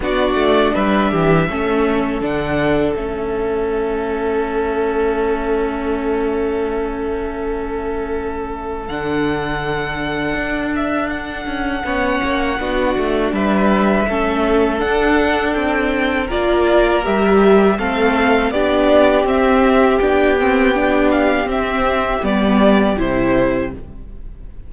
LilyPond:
<<
  \new Staff \with { instrumentName = "violin" } { \time 4/4 \tempo 4 = 81 d''4 e''2 fis''4 | e''1~ | e''1 | fis''2~ fis''8 e''8 fis''4~ |
fis''2 e''2 | fis''4 g''4 d''4 e''4 | f''4 d''4 e''4 g''4~ | g''8 f''8 e''4 d''4 c''4 | }
  \new Staff \with { instrumentName = "violin" } { \time 4/4 fis'4 b'8 g'8 a'2~ | a'1~ | a'1~ | a'1 |
cis''4 fis'4 b'4 a'4~ | a'2 ais'2 | a'4 g'2.~ | g'1 | }
  \new Staff \with { instrumentName = "viola" } { \time 4/4 d'2 cis'4 d'4 | cis'1~ | cis'1 | d'1 |
cis'4 d'2 cis'4 | d'2 f'4 g'4 | c'4 d'4 c'4 d'8 c'8 | d'4 c'4 b4 e'4 | }
  \new Staff \with { instrumentName = "cello" } { \time 4/4 b8 a8 g8 e8 a4 d4 | a1~ | a1 | d2 d'4. cis'8 |
b8 ais8 b8 a8 g4 a4 | d'4 c'4 ais4 g4 | a4 b4 c'4 b4~ | b4 c'4 g4 c4 | }
>>